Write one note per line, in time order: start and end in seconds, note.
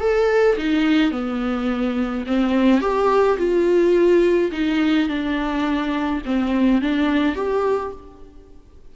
0.00 0.57 A4
0.57 1.11 D#4
1.11 2.24 B3
2.26 2.81 C4
2.81 3.38 G4
3.38 4.51 F4
4.52 5.08 D#4
5.08 6.22 D4
6.25 6.82 C4
6.82 7.36 D4
7.36 7.92 G4